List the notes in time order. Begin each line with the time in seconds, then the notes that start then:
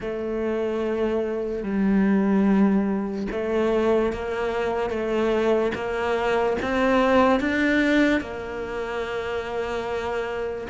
0.00 A3
1.63 G3
3.31 A3
4.12 A#3
4.89 A3
5.74 A#3
6.62 C4
7.40 D4
8.20 A#3